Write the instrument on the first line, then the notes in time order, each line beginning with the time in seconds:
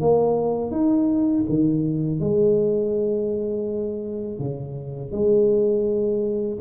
tuba
0.00 A#3
0.71 D#4
1.48 D#3
2.20 G#3
4.38 C#3
5.11 G#3